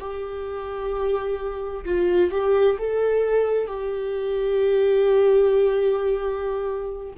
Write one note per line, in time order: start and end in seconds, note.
0.00 1.85 G4
1.85 2.31 F4
2.31 2.77 G4
2.79 3.67 A4
3.67 7.13 G4